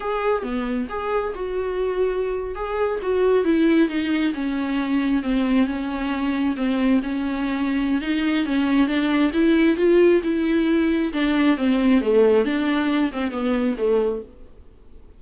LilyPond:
\new Staff \with { instrumentName = "viola" } { \time 4/4 \tempo 4 = 135 gis'4 b4 gis'4 fis'4~ | fis'4.~ fis'16 gis'4 fis'4 e'16~ | e'8. dis'4 cis'2 c'16~ | c'8. cis'2 c'4 cis'16~ |
cis'2 dis'4 cis'4 | d'4 e'4 f'4 e'4~ | e'4 d'4 c'4 a4 | d'4. c'8 b4 a4 | }